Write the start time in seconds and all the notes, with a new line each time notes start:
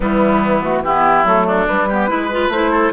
0.00 E3 G3 B3 E4
0.61 A3 F#4
0.84 B3 E4 G4
1.23 F#3 A3 A4
1.46 D4
1.67 G3 B4
1.88 B3 G4
2.08 G#3 E4 B4
2.31 F4
2.48 A3 E4 C5
2.71 A4